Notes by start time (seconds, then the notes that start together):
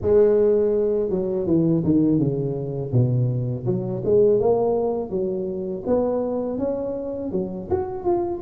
0.01 G#3
1.09 F#3
1.46 E3
1.84 D#3
2.18 C#3
2.92 B2
3.66 F#3
4.04 G#3
4.39 A#3
5.10 F#3
5.86 B3
6.58 C#4
7.31 F#3
7.70 F#4
8.04 F4